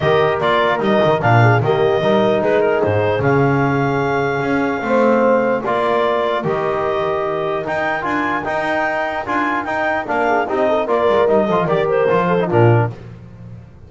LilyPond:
<<
  \new Staff \with { instrumentName = "clarinet" } { \time 4/4 \tempo 4 = 149 dis''4 d''4 dis''4 f''4 | dis''2 b'8 ais'8 c''4 | f''1~ | f''2 d''2 |
dis''2. g''4 | gis''4 g''2 gis''4 | g''4 f''4 dis''4 d''4 | dis''4 d''8 c''4. ais'4 | }
  \new Staff \with { instrumentName = "horn" } { \time 4/4 ais'2.~ ais'8 gis'8 | g'4 ais'4 gis'2~ | gis'1 | c''2 ais'2~ |
ais'1~ | ais'1~ | ais'4. gis'8 g'8 a'8 ais'4~ | ais'8 a'8 ais'4. a'8 f'4 | }
  \new Staff \with { instrumentName = "trombone" } { \time 4/4 g'4 f'4 dis'4 d'4 | ais4 dis'2. | cis'1 | c'2 f'2 |
g'2. dis'4 | f'4 dis'2 f'4 | dis'4 d'4 dis'4 f'4 | dis'8 f'8 g'4 f'8. dis'16 d'4 | }
  \new Staff \with { instrumentName = "double bass" } { \time 4/4 dis4 ais4 g8 dis8 ais,4 | dis4 g4 gis4 gis,4 | cis2. cis'4 | a2 ais2 |
dis2. dis'4 | d'4 dis'2 d'4 | dis'4 ais4 c'4 ais8 gis8 | g8 f8 dis4 f4 ais,4 | }
>>